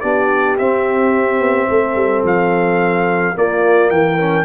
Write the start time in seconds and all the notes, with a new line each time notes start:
0.00 B3 D4 G4 D5
0.58 C4 E5
1.39 B3
1.69 A3 A4
1.95 G3
2.23 F3 F5
3.34 A#3 F4 D5
3.89 E3 A#4 G5
4.18 C#4